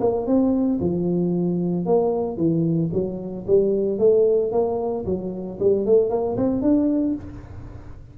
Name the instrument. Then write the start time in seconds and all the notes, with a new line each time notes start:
tuba
0.00 A#3
0.26 C4
0.80 F3
1.86 A#3
2.37 E3
2.92 F#3
3.47 G3
3.98 A3
4.52 A#3
5.05 F#3
5.60 G3
5.86 A3
6.10 A#3
6.36 C4
6.62 D4